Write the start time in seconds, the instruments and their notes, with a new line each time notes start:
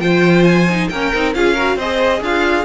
0.00 cello F3, viola F4, violin C5 G5
0.44 violin G#5
0.70 viola D#4
0.90 cello A#3, viola C#4, violin A#4 G5
1.14 cello C4, viola D#4
1.34 cello C#4, viola F4, violin G#4 F5
1.54 viola F#4, violin A#4
1.77 cello C4, viola G#4, violin C5 D#5
2.21 cello D4, violin F4 F5